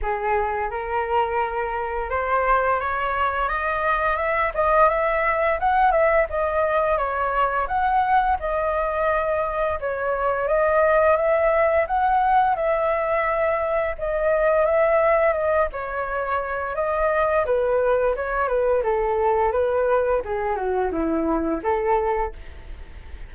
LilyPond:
\new Staff \with { instrumentName = "flute" } { \time 4/4 \tempo 4 = 86 gis'4 ais'2 c''4 | cis''4 dis''4 e''8 dis''8 e''4 | fis''8 e''8 dis''4 cis''4 fis''4 | dis''2 cis''4 dis''4 |
e''4 fis''4 e''2 | dis''4 e''4 dis''8 cis''4. | dis''4 b'4 cis''8 b'8 a'4 | b'4 gis'8 fis'8 e'4 a'4 | }